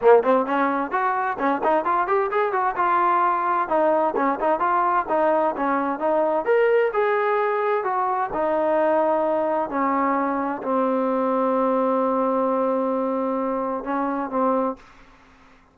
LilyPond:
\new Staff \with { instrumentName = "trombone" } { \time 4/4 \tempo 4 = 130 ais8 c'8 cis'4 fis'4 cis'8 dis'8 | f'8 g'8 gis'8 fis'8 f'2 | dis'4 cis'8 dis'8 f'4 dis'4 | cis'4 dis'4 ais'4 gis'4~ |
gis'4 fis'4 dis'2~ | dis'4 cis'2 c'4~ | c'1~ | c'2 cis'4 c'4 | }